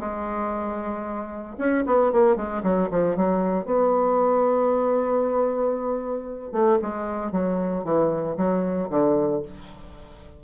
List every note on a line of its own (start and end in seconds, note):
0.00 1.57 G#3
1.58 1.84 C#4
1.86 2.12 B3
2.12 2.36 A#3
2.36 2.63 G#3
2.63 2.89 F#3
2.91 3.16 F3
3.16 3.65 F#3
3.65 6.52 B3
6.52 6.78 A3
6.82 7.32 G#3
7.32 7.84 F#3
7.85 8.37 E3
8.37 8.89 F#3
8.90 9.42 D3